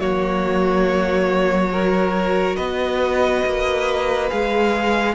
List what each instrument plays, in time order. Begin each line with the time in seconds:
0.00 cello F#3, viola A#3, violin F#4 C#5
1.72 viola F#4, violin A#4
2.56 cello B3, violin B4 D#5
3.46 cello A#3
4.30 cello G#3, viola G#4, violin F5